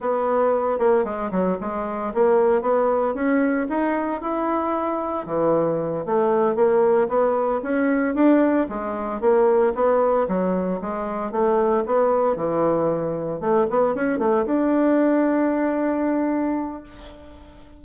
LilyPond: \new Staff \with { instrumentName = "bassoon" } { \time 4/4 \tempo 4 = 114 b4. ais8 gis8 fis8 gis4 | ais4 b4 cis'4 dis'4 | e'2 e4. a8~ | a8 ais4 b4 cis'4 d'8~ |
d'8 gis4 ais4 b4 fis8~ | fis8 gis4 a4 b4 e8~ | e4. a8 b8 cis'8 a8 d'8~ | d'1 | }